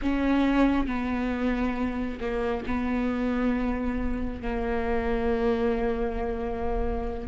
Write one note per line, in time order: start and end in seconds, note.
0.02 0.86 C#4
0.86 2.19 B3
2.20 2.64 A#3
2.66 4.42 B3
4.42 7.28 A#3